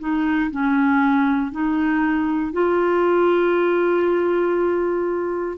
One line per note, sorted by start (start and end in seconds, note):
0.00 0.51 D#4
0.52 1.52 C#4
1.52 2.53 D#4
2.53 5.58 F4